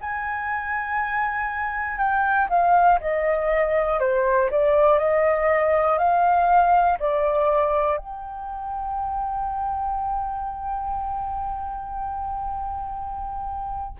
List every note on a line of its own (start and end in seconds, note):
0.00 1.97 G#5
1.97 2.47 G5
2.49 2.99 F5
3.00 3.99 D#5
3.99 4.49 C5
4.50 4.99 D5
4.99 5.98 D#5
5.98 6.98 F5
6.99 7.97 D5
7.97 13.97 G5